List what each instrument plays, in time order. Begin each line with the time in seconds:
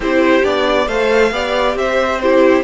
0.00 cello C4, viola E4, violin G4 C5
0.43 cello B3, viola D4, violin D5
0.87 cello A3, viola A4, violin C5 F5
1.31 cello B3, viola G4, violin D5
1.74 cello C4, violin C5 E5
2.19 viola E4, violin G4 C5